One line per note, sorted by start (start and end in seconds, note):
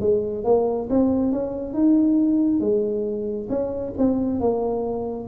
0.00 0.44 G#3
0.44 0.88 A#3
0.90 1.32 C4
1.32 1.73 C#4
1.73 2.60 D#4
2.60 3.48 G#3
3.49 3.93 C#4
3.97 4.40 C4
4.40 5.28 A#3